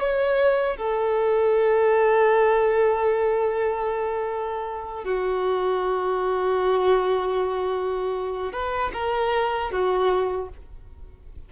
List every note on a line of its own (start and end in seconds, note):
0.00 0.77 C#5
0.77 5.04 A4
5.04 8.53 F#4
8.53 8.91 B4
8.93 9.71 A#4
9.71 10.49 F#4